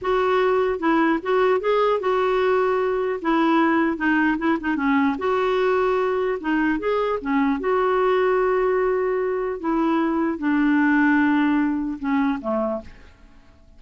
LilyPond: \new Staff \with { instrumentName = "clarinet" } { \time 4/4 \tempo 4 = 150 fis'2 e'4 fis'4 | gis'4 fis'2. | e'2 dis'4 e'8 dis'8 | cis'4 fis'2. |
dis'4 gis'4 cis'4 fis'4~ | fis'1 | e'2 d'2~ | d'2 cis'4 a4 | }